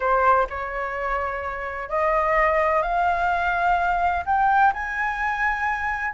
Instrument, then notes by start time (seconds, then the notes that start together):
flute
0.00 C5
0.49 C#5
1.89 D#5
2.82 F5
4.25 G5
4.73 G#5